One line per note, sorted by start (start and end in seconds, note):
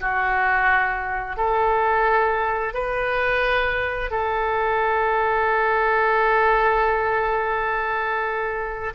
0.00 1.36 F#4
1.36 2.74 A4
2.74 4.10 B4
4.10 8.93 A4